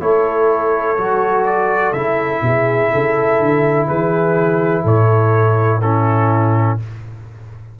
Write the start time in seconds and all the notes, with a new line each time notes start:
0.00 A3 E4 A4 C#5
0.97 F#3 F#4
1.45 D5
1.92 C#3 E4 E5
2.42 B2 G#4
2.91 C#3 A4
3.38 D3
3.87 E3 G#4 B4
4.82 A2 A4 C#5
5.81 C#4 E4 A4